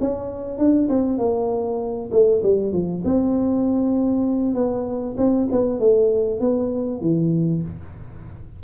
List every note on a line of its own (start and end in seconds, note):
0.00 0.58 C#4
0.58 0.88 D4
0.89 1.18 C4
1.18 2.10 A#3
2.11 2.42 A3
2.43 2.72 G3
2.72 3.03 F3
3.04 4.54 C4
4.54 5.15 B3
5.17 5.48 C4
5.51 5.79 B3
5.79 6.40 A3
6.40 7.00 B3
7.00 7.62 E3